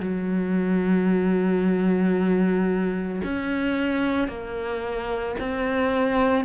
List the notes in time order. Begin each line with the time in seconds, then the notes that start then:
0.00 F#3
3.23 C#4
4.28 A#3
5.39 C4